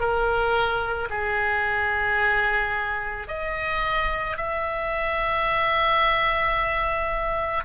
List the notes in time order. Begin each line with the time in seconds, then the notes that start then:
0.00 A#4
1.10 G#4
3.28 D#5
4.37 E5